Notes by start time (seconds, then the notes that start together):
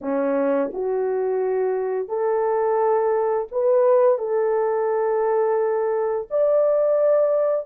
0.01 C#4
0.73 F#4
2.08 A4
3.51 B4
4.18 A4
6.30 D5